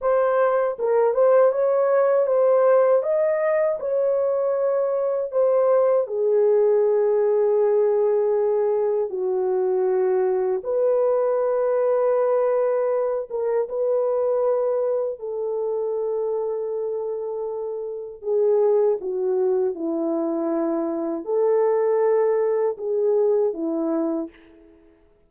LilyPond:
\new Staff \with { instrumentName = "horn" } { \time 4/4 \tempo 4 = 79 c''4 ais'8 c''8 cis''4 c''4 | dis''4 cis''2 c''4 | gis'1 | fis'2 b'2~ |
b'4. ais'8 b'2 | a'1 | gis'4 fis'4 e'2 | a'2 gis'4 e'4 | }